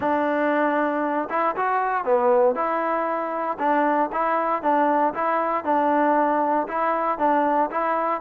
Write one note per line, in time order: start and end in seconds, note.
0.00 1.28 D4
1.29 1.55 E4
1.55 2.04 F#4
2.04 2.55 B3
2.55 3.57 E4
3.59 4.10 D4
4.12 4.62 E4
4.62 5.13 D4
5.14 5.64 E4
5.64 6.67 D4
6.68 7.18 E4
7.18 7.69 D4
7.70 8.21 E4